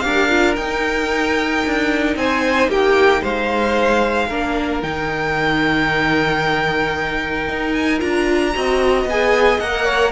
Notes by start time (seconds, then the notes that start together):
0.00 D4 G4 A#4 F5
0.30 F4
0.56 D#4 G5
1.66 D4
2.16 C4 C5 G#5
2.69 A#3 G4 G5
3.21 G#3 C5 F5
4.29 A#3 D4 A#4
4.82 D#3 D#4 G5
7.48 D#4
7.73 G#5
7.99 D4 F4 A#5
8.54 C4 F#4 D#5
9.05 B3 G#4 G#5
9.60 A#3 A#4 F#5
9.84 C#5